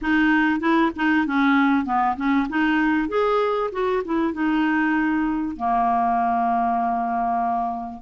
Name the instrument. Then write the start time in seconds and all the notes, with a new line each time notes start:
clarinet
0.01 D#4
0.59 E4
0.96 D#4
1.26 C#4
1.85 B3
2.16 C#4
2.49 D#4
3.08 G#4
3.72 F#4
4.05 E4
4.33 D#4
5.56 A#3